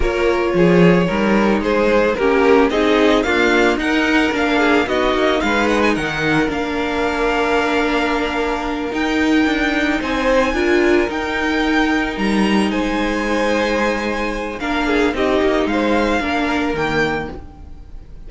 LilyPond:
<<
  \new Staff \with { instrumentName = "violin" } { \time 4/4 \tempo 4 = 111 cis''2. c''4 | ais'4 dis''4 f''4 fis''4 | f''4 dis''4 f''8 fis''16 gis''16 fis''4 | f''1~ |
f''8 g''2 gis''4.~ | gis''8 g''2 ais''4 gis''8~ | gis''2. f''4 | dis''4 f''2 g''4 | }
  \new Staff \with { instrumentName = "violin" } { \time 4/4 ais'4 gis'4 ais'4 gis'4 | g'4 gis'4 f'4 ais'4~ | ais'8 gis'8 fis'4 b'4 ais'4~ | ais'1~ |
ais'2~ ais'8 c''4 ais'8~ | ais'2.~ ais'8 c''8~ | c''2. ais'8 gis'8 | g'4 c''4 ais'2 | }
  \new Staff \with { instrumentName = "viola" } { \time 4/4 f'2 dis'2 | cis'4 dis'4 ais4 dis'4 | d'4 dis'2. | d'1~ |
d'8 dis'2. f'8~ | f'8 dis'2.~ dis'8~ | dis'2. d'4 | dis'2 d'4 ais4 | }
  \new Staff \with { instrumentName = "cello" } { \time 4/4 ais4 f4 g4 gis4 | ais4 c'4 d'4 dis'4 | ais4 b8 ais8 gis4 dis4 | ais1~ |
ais8 dis'4 d'4 c'4 d'8~ | d'8 dis'2 g4 gis8~ | gis2. ais4 | c'8 ais8 gis4 ais4 dis4 | }
>>